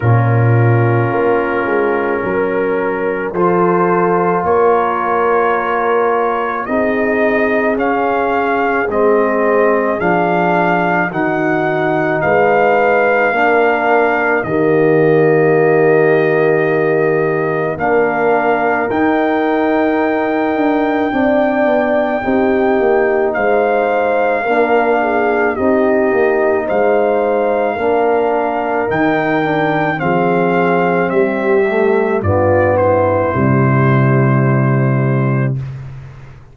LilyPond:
<<
  \new Staff \with { instrumentName = "trumpet" } { \time 4/4 \tempo 4 = 54 ais'2. c''4 | cis''2 dis''4 f''4 | dis''4 f''4 fis''4 f''4~ | f''4 dis''2. |
f''4 g''2.~ | g''4 f''2 dis''4 | f''2 g''4 f''4 | e''4 d''8 c''2~ c''8 | }
  \new Staff \with { instrumentName = "horn" } { \time 4/4 f'2 ais'4 a'4 | ais'2 gis'2~ | gis'2 fis'4 b'4 | ais'4 g'2. |
ais'2. d''4 | g'4 c''4 ais'8 gis'8 g'4 | c''4 ais'2 gis'4 | g'4 f'8 e'2~ e'8 | }
  \new Staff \with { instrumentName = "trombone" } { \time 4/4 cis'2. f'4~ | f'2 dis'4 cis'4 | c'4 d'4 dis'2 | d'4 ais2. |
d'4 dis'2 d'4 | dis'2 d'4 dis'4~ | dis'4 d'4 dis'8 d'8 c'4~ | c'8 a8 b4 g2 | }
  \new Staff \with { instrumentName = "tuba" } { \time 4/4 ais,4 ais8 gis8 fis4 f4 | ais2 c'4 cis'4 | gis4 f4 dis4 gis4 | ais4 dis2. |
ais4 dis'4. d'8 c'8 b8 | c'8 ais8 gis4 ais4 c'8 ais8 | gis4 ais4 dis4 f4 | g4 g,4 c2 | }
>>